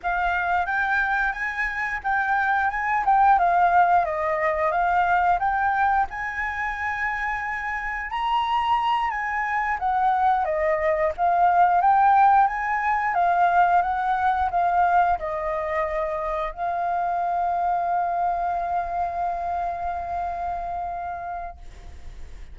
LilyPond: \new Staff \with { instrumentName = "flute" } { \time 4/4 \tempo 4 = 89 f''4 g''4 gis''4 g''4 | gis''8 g''8 f''4 dis''4 f''4 | g''4 gis''2. | ais''4. gis''4 fis''4 dis''8~ |
dis''8 f''4 g''4 gis''4 f''8~ | f''8 fis''4 f''4 dis''4.~ | dis''8 f''2.~ f''8~ | f''1 | }